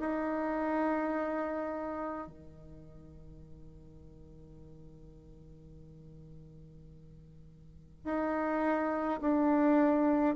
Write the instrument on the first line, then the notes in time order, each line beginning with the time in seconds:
bassoon
0.00 D#4
2.28 D#3
8.04 D#4
9.21 D4